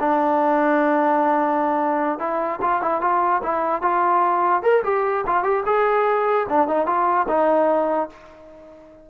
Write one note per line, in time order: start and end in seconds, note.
0.00 2.19 D4
2.19 2.60 E4
2.61 2.82 F4
2.82 3.01 E4
3.01 3.42 F4
3.43 3.82 E4
3.82 4.63 F4
4.63 4.83 A#4
4.84 5.25 G4
5.26 5.43 F4
5.43 5.64 G4
5.66 6.47 G#4
6.49 6.68 D4
6.68 6.86 D#4
6.86 7.27 F4
7.28 8.10 D#4